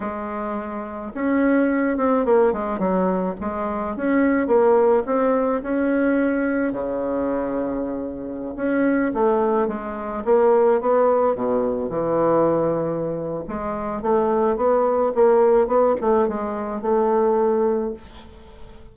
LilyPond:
\new Staff \with { instrumentName = "bassoon" } { \time 4/4 \tempo 4 = 107 gis2 cis'4. c'8 | ais8 gis8 fis4 gis4 cis'4 | ais4 c'4 cis'2 | cis2.~ cis16 cis'8.~ |
cis'16 a4 gis4 ais4 b8.~ | b16 b,4 e2~ e8. | gis4 a4 b4 ais4 | b8 a8 gis4 a2 | }